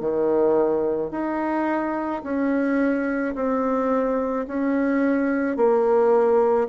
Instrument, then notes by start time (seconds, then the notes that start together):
bassoon
0.00 D#3
1.11 D#4
2.23 C#4
3.35 C4
4.47 C#4
5.57 A#3